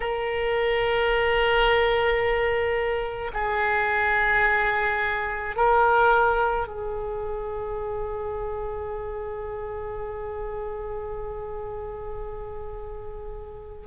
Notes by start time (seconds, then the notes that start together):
0.00 A#4
3.33 G#4
5.56 A#4
6.67 G#4